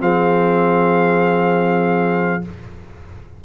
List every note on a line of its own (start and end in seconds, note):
0.00 2.44 F3
0.00 2.42 C4
0.00 2.45 G#4
0.00 2.45 F5